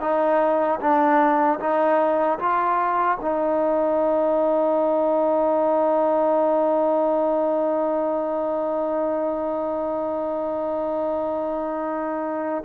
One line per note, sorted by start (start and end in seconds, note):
0.00 0.79 D#4
0.80 1.59 D4
1.60 2.39 D#4
2.39 3.18 F4
3.21 12.64 D#4